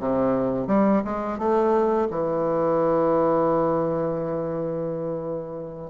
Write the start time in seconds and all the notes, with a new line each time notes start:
0.00 C3
0.68 G3
1.05 G#3
1.39 A3
2.11 E3